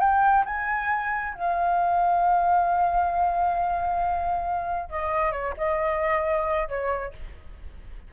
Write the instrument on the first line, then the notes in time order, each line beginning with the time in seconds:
flute
0.00 G5
0.45 G#5
1.34 F5
4.89 D#5
5.32 C#5
5.57 D#5
6.68 C#5